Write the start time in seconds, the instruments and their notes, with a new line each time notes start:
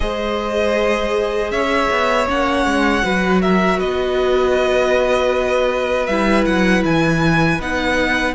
0.00 cello G#3, viola G#4, violin C5 D#5
1.51 cello C#4, violin C#5 E5
1.90 cello B3
2.27 cello A#3, viola C#4, violin F#5
2.65 cello G#3
3.02 cello F#3, viola F#4, violin B4
3.41 violin A#4 E5
3.78 cello B3, violin B4 D#5
6.06 cello G3, viola E4, violin E5
6.45 cello F#3, violin F#5
6.84 cello E3, violin G#5
7.59 cello B3, viola D#4, violin F#5